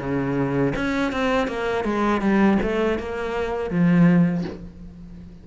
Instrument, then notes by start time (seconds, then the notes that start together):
cello
0.00 C#3
0.76 C#4
1.12 C4
1.48 A#3
1.85 G#3
2.21 G3
2.63 A3
2.99 A#3
3.71 F3